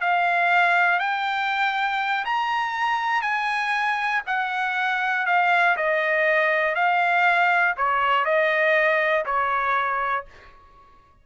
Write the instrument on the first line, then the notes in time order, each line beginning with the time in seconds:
trumpet
0.00 F5
0.99 G5
2.25 A#5
3.21 G#5
4.26 F#5
5.26 F5
5.76 D#5
6.75 F5
7.77 C#5
8.25 D#5
9.25 C#5